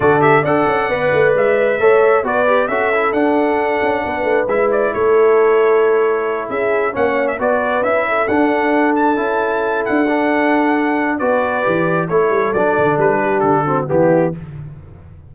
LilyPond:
<<
  \new Staff \with { instrumentName = "trumpet" } { \time 4/4 \tempo 4 = 134 d''8 e''8 fis''2 e''4~ | e''4 d''4 e''4 fis''4~ | fis''2 e''8 d''8 cis''4~ | cis''2~ cis''8 e''4 fis''8~ |
fis''16 e''16 d''4 e''4 fis''4. | a''2 fis''2~ | fis''4 d''2 cis''4 | d''4 b'4 a'4 g'4 | }
  \new Staff \with { instrumentName = "horn" } { \time 4/4 a'4 d''2. | cis''4 b'4 a'2~ | a'4 b'2 a'4~ | a'2~ a'8 gis'4 cis''8~ |
cis''8 b'4. a'2~ | a'1~ | a'4 b'2 a'4~ | a'4. g'4 fis'8 e'4 | }
  \new Staff \with { instrumentName = "trombone" } { \time 4/4 fis'8 g'8 a'4 b'2 | a'4 fis'8 g'8 fis'8 e'8 d'4~ | d'2 e'2~ | e'2.~ e'8 cis'8~ |
cis'8 fis'4 e'4 d'4.~ | d'8 e'2 d'4.~ | d'4 fis'4 g'4 e'4 | d'2~ d'8 c'8 b4 | }
  \new Staff \with { instrumentName = "tuba" } { \time 4/4 d4 d'8 cis'8 b8 a8 gis4 | a4 b4 cis'4 d'4~ | d'8 cis'8 b8 a8 gis4 a4~ | a2~ a8 cis'4 ais8~ |
ais8 b4 cis'4 d'4.~ | d'8 cis'4. d'2~ | d'4 b4 e4 a8 g8 | fis8 d8 g4 d4 e4 | }
>>